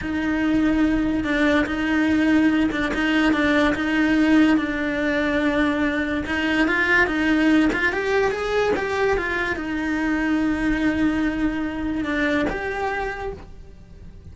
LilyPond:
\new Staff \with { instrumentName = "cello" } { \time 4/4 \tempo 4 = 144 dis'2. d'4 | dis'2~ dis'8 d'8 dis'4 | d'4 dis'2 d'4~ | d'2. dis'4 |
f'4 dis'4. f'8 g'4 | gis'4 g'4 f'4 dis'4~ | dis'1~ | dis'4 d'4 g'2 | }